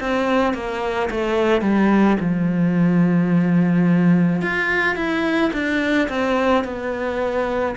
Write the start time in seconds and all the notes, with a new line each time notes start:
0.00 C4
0.54 A#3
1.10 A3
1.61 G3
2.20 F3
4.41 F4
4.95 E4
5.53 D4
6.09 C4
6.64 B3